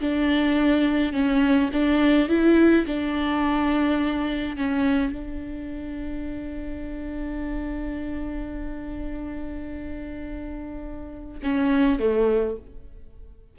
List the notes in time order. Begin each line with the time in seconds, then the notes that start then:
0.00 D4
1.12 C#4
1.72 D4
2.28 E4
2.86 D4
4.56 C#4
5.12 D4
11.43 C#4
11.99 A3